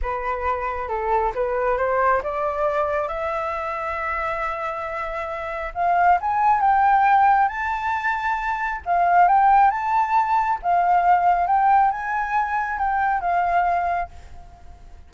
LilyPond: \new Staff \with { instrumentName = "flute" } { \time 4/4 \tempo 4 = 136 b'2 a'4 b'4 | c''4 d''2 e''4~ | e''1~ | e''4 f''4 gis''4 g''4~ |
g''4 a''2. | f''4 g''4 a''2 | f''2 g''4 gis''4~ | gis''4 g''4 f''2 | }